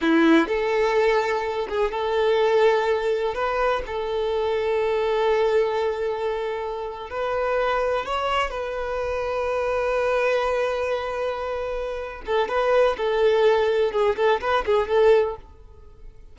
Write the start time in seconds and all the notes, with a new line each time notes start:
0.01 E4
0.47 A4
1.68 G#4
1.91 A4
3.34 B4
3.86 A4
7.10 B4
8.05 C#5
8.50 B4
12.26 A4
12.48 B4
12.97 A4
13.92 G#4
14.16 A4
14.40 B4
14.65 G#4
14.88 A4